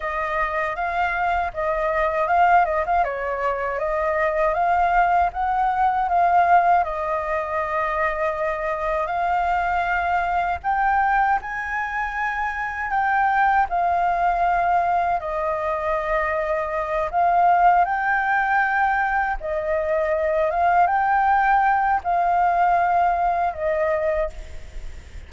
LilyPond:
\new Staff \with { instrumentName = "flute" } { \time 4/4 \tempo 4 = 79 dis''4 f''4 dis''4 f''8 dis''16 f''16 | cis''4 dis''4 f''4 fis''4 | f''4 dis''2. | f''2 g''4 gis''4~ |
gis''4 g''4 f''2 | dis''2~ dis''8 f''4 g''8~ | g''4. dis''4. f''8 g''8~ | g''4 f''2 dis''4 | }